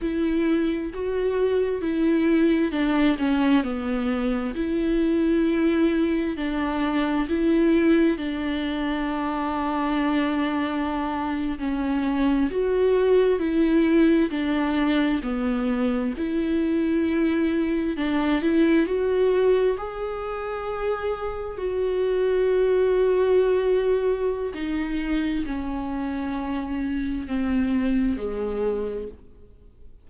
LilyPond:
\new Staff \with { instrumentName = "viola" } { \time 4/4 \tempo 4 = 66 e'4 fis'4 e'4 d'8 cis'8 | b4 e'2 d'4 | e'4 d'2.~ | d'8. cis'4 fis'4 e'4 d'16~ |
d'8. b4 e'2 d'16~ | d'16 e'8 fis'4 gis'2 fis'16~ | fis'2. dis'4 | cis'2 c'4 gis4 | }